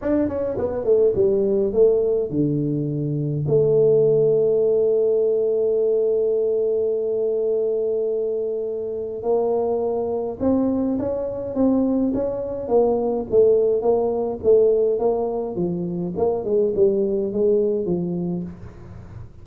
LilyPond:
\new Staff \with { instrumentName = "tuba" } { \time 4/4 \tempo 4 = 104 d'8 cis'8 b8 a8 g4 a4 | d2 a2~ | a1~ | a1 |
ais2 c'4 cis'4 | c'4 cis'4 ais4 a4 | ais4 a4 ais4 f4 | ais8 gis8 g4 gis4 f4 | }